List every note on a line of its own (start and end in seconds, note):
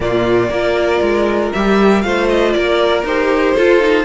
0.00 0.49 A#2
0.00 0.48 A#3
0.00 0.52 F4
0.00 1.53 D5
0.49 1.00 A#3
0.49 1.54 F4
0.49 2.04 A#4
1.01 1.52 G#3
1.53 2.04 G3
1.53 2.03 G4
1.53 2.01 E5
2.01 2.55 A3
2.01 3.04 F4
2.01 2.55 C5
2.01 2.26 F5
2.29 2.52 D#5
2.52 3.03 A#3
2.52 3.55 A#4
2.52 3.03 D5
3.03 3.53 D#4
3.03 3.57 G4
3.03 4.04 C5
3.55 3.80 F4
3.55 4.04 F4
3.55 4.04 A4
3.80 4.04 D#4